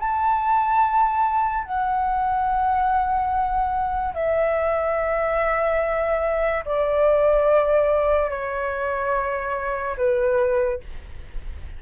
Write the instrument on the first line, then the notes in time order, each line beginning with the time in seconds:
flute
0.00 A5
1.65 F#5
4.15 E5
6.66 D5
8.30 C#5
9.97 B4